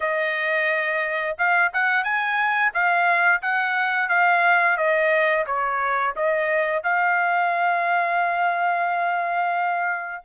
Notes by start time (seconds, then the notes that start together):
0.00 D#5
1.38 F5
1.73 F#5
2.04 G#5
2.73 F5
3.42 F#5
4.08 F5
4.77 D#5
5.46 C#5
6.15 D#5
6.83 F5